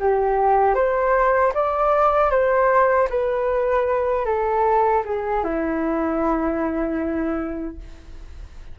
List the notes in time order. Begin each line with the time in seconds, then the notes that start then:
0.00 G4
0.75 C5
1.54 D5
2.31 C5
3.10 B4
4.26 A4
5.05 G#4
5.44 E4